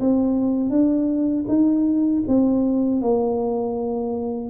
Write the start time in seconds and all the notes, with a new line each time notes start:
0.00 C4
0.70 D4
1.48 D#4
2.27 C4
3.01 A#3